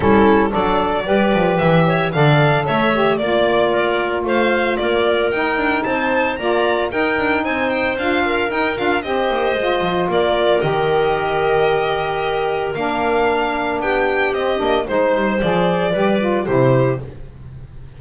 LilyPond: <<
  \new Staff \with { instrumentName = "violin" } { \time 4/4 \tempo 4 = 113 a'4 d''2 e''4 | f''4 e''4 d''2 | f''4 d''4 g''4 a''4 | ais''4 g''4 gis''8 g''8 f''4 |
g''8 f''8 dis''2 d''4 | dis''1 | f''2 g''4 dis''4 | c''4 d''2 c''4 | }
  \new Staff \with { instrumentName = "clarinet" } { \time 4/4 e'4 a'4 b'4. cis''8 | d''4 cis''4 d''4 ais'4 | c''4 ais'2 c''4 | d''4 ais'4 c''4. ais'8~ |
ais'4 c''2 ais'4~ | ais'1~ | ais'2 g'2 | c''2 b'4 g'4 | }
  \new Staff \with { instrumentName = "saxophone" } { \time 4/4 cis'4 d'4 g'2 | a'4. g'8 f'2~ | f'2 dis'2 | f'4 dis'2 f'4 |
dis'8 f'8 g'4 f'2 | g'1 | d'2. c'8 d'8 | dis'4 gis'4 g'8 f'8 e'4 | }
  \new Staff \with { instrumentName = "double bass" } { \time 4/4 g4 fis4 g8 f8 e4 | d4 a4 ais2 | a4 ais4 dis'8 d'8 c'4 | ais4 dis'8 d'8 c'4 d'4 |
dis'8 d'8 c'8 ais8 gis8 f8 ais4 | dis1 | ais2 b4 c'8 ais8 | gis8 g8 f4 g4 c4 | }
>>